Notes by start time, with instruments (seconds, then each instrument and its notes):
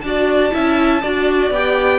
0.00 cello D4, viola F#4, violin D5 A5
0.51 cello C#4, viola E4, violin E5
1.01 cello D4, viola F#4, violin D5
1.50 cello B3, viola G4, violin G5